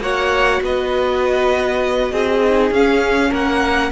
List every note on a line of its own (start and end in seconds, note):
0.00 0.60 A#3
0.00 2.41 F#4
0.00 0.62 C#5
0.00 0.62 F#5
0.61 2.11 B3
0.61 2.11 B4
0.61 2.73 D#5
2.11 2.71 C4
2.11 3.30 G#4
2.44 2.74 D#4
2.71 3.31 C#4
2.71 3.91 C#4
2.71 3.33 F5
3.30 3.91 A#3
3.30 3.90 A#4
3.30 3.91 F#5